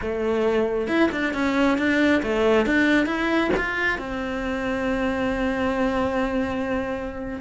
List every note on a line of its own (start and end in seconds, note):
0.01 0.87 A3
0.87 1.09 E4
1.11 1.33 D4
1.33 1.77 C#4
1.77 2.22 D4
2.22 2.66 A3
2.66 3.06 D4
3.06 3.50 E4
3.56 3.98 F4
3.98 7.40 C4